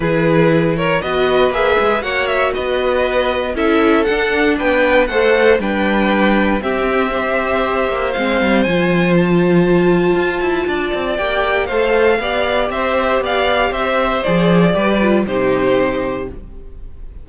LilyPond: <<
  \new Staff \with { instrumentName = "violin" } { \time 4/4 \tempo 4 = 118 b'4. cis''8 dis''4 e''4 | fis''8 e''8 dis''2 e''4 | fis''4 g''4 fis''4 g''4~ | g''4 e''2. |
f''4 gis''4 a''2~ | a''2 g''4 f''4~ | f''4 e''4 f''4 e''4 | d''2 c''2 | }
  \new Staff \with { instrumentName = "violin" } { \time 4/4 gis'4. ais'8 b'2 | cis''4 b'2 a'4~ | a'4 b'4 c''4 b'4~ | b'4 g'4 c''2~ |
c''1~ | c''4 d''2 c''4 | d''4 c''4 d''4 c''4~ | c''4 b'4 g'2 | }
  \new Staff \with { instrumentName = "viola" } { \time 4/4 e'2 fis'4 gis'4 | fis'2. e'4 | d'2 a'4 d'4~ | d'4 c'4 g'2 |
c'4 f'2.~ | f'2 g'4 a'4 | g'1 | gis'4 g'8 f'8 dis'2 | }
  \new Staff \with { instrumentName = "cello" } { \time 4/4 e2 b4 ais8 gis8 | ais4 b2 cis'4 | d'4 b4 a4 g4~ | g4 c'2~ c'8 ais8 |
gis8 g8 f2. | f'8 e'8 d'8 c'8 ais4 a4 | b4 c'4 b4 c'4 | f4 g4 c2 | }
>>